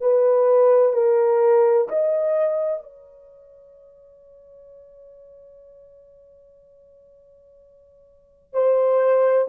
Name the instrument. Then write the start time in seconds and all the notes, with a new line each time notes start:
horn
0.00 B4
0.93 A#4
1.88 D#5
2.82 C#5
8.53 C5